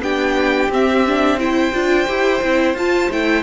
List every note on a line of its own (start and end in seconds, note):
0.00 0.68 B3
0.00 0.72 D4
0.00 1.40 G4
0.00 0.71 G5
0.70 1.72 C4
0.70 1.07 C4
0.70 1.40 E5
1.07 1.39 D4
1.39 1.73 E4
1.39 3.44 C5
1.39 2.76 G5
1.73 2.08 D4
1.73 2.07 F4
2.07 2.43 E4
2.07 2.41 G4
2.43 2.75 C4
2.43 2.77 E4
2.75 3.09 F4
2.75 3.12 F4
2.75 3.12 A5
3.11 3.44 A3
3.11 3.44 E4
3.11 3.44 G5